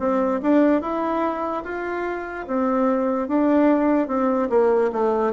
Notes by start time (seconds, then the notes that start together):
0.00 C4
0.43 D4
0.82 E4
1.64 F4
2.48 C4
3.28 D4
4.08 C4
4.50 A#3
4.93 A3